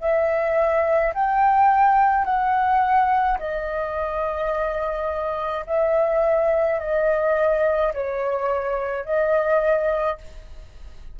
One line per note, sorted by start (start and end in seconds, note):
0.00 1.13 E5
1.14 2.25 G5
2.25 3.38 F#5
3.39 5.65 D#5
5.66 6.79 E5
6.79 7.92 D#5
7.93 9.05 C#5
9.05 10.18 D#5